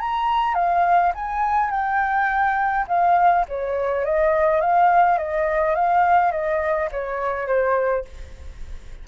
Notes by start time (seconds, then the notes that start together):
0.00 A#5
0.55 F5
1.15 G#5
1.70 G5
2.88 F5
3.49 C#5
4.05 D#5
4.61 F5
5.18 D#5
5.75 F5
6.32 D#5
6.92 C#5
7.47 C5